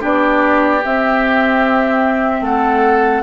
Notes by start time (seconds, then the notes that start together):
0.00 B3 D4 G4 D5
0.85 C4 E5
2.41 A3 A4 F#5